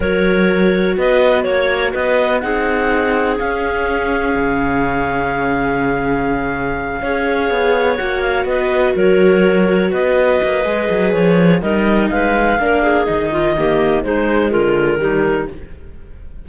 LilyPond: <<
  \new Staff \with { instrumentName = "clarinet" } { \time 4/4 \tempo 4 = 124 cis''2 dis''4 cis''4 | dis''4 fis''2 f''4~ | f''1~ | f''1~ |
f''8 fis''8 f''8 dis''4 cis''4.~ | cis''8 dis''2~ dis''8 cis''4 | dis''4 f''2 dis''4~ | dis''4 c''4 ais'2 | }
  \new Staff \with { instrumentName = "clarinet" } { \time 4/4 ais'2 b'4 cis''4 | b'4 gis'2.~ | gis'1~ | gis'2~ gis'8 cis''4.~ |
cis''4. b'4 ais'4.~ | ais'8 b'2.~ b'8 | ais'4 b'4 ais'8 gis'4 f'8 | g'4 dis'4 f'4 dis'4 | }
  \new Staff \with { instrumentName = "viola" } { \time 4/4 fis'1~ | fis'4 dis'2 cis'4~ | cis'1~ | cis'2~ cis'8 gis'4.~ |
gis'8 fis'2.~ fis'8~ | fis'2 gis'2 | dis'2 d'4 dis'4 | ais4 gis2 g4 | }
  \new Staff \with { instrumentName = "cello" } { \time 4/4 fis2 b4 ais4 | b4 c'2 cis'4~ | cis'4 cis2.~ | cis2~ cis8 cis'4 b8~ |
b8 ais4 b4 fis4.~ | fis8 b4 ais8 gis8 fis8 f4 | g4 gis4 ais4 dis4~ | dis4 gis4 d4 dis4 | }
>>